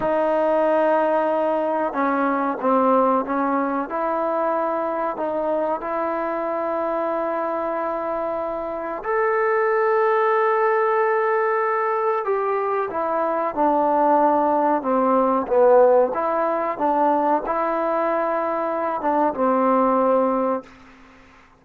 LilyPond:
\new Staff \with { instrumentName = "trombone" } { \time 4/4 \tempo 4 = 93 dis'2. cis'4 | c'4 cis'4 e'2 | dis'4 e'2.~ | e'2 a'2~ |
a'2. g'4 | e'4 d'2 c'4 | b4 e'4 d'4 e'4~ | e'4. d'8 c'2 | }